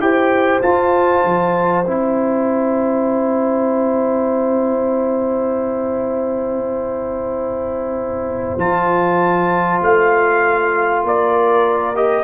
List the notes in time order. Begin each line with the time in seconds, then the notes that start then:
0.00 E4 G4 C5 G5
0.62 F4 A5
1.25 F3
1.86 C4 E4 G5
8.58 F3 F4 A5
9.83 A3 F5
11.04 A#3 A#4 D5
11.95 G4 D#5